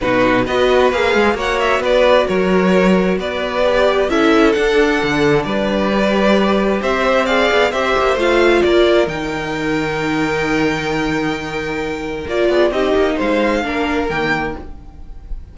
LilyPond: <<
  \new Staff \with { instrumentName = "violin" } { \time 4/4 \tempo 4 = 132 b'4 dis''4 f''4 fis''8 e''8 | d''4 cis''2 d''4~ | d''4 e''4 fis''2 | d''2. e''4 |
f''4 e''4 f''4 d''4 | g''1~ | g''2. d''4 | dis''4 f''2 g''4 | }
  \new Staff \with { instrumentName = "violin" } { \time 4/4 fis'4 b'2 cis''4 | b'4 ais'2 b'4~ | b'4 a'2. | b'2. c''4 |
d''4 c''2 ais'4~ | ais'1~ | ais'2.~ ais'8 gis'8 | g'4 c''4 ais'2 | }
  \new Staff \with { instrumentName = "viola" } { \time 4/4 dis'4 fis'4 gis'4 fis'4~ | fis'1 | g'4 e'4 d'2~ | d'4 g'2. |
gis'4 g'4 f'2 | dis'1~ | dis'2. f'4 | dis'2 d'4 ais4 | }
  \new Staff \with { instrumentName = "cello" } { \time 4/4 b,4 b4 ais8 gis8 ais4 | b4 fis2 b4~ | b4 cis'4 d'4 d4 | g2. c'4~ |
c'8 b8 c'8 ais8 a4 ais4 | dis1~ | dis2. ais8 b8 | c'8 ais8 gis4 ais4 dis4 | }
>>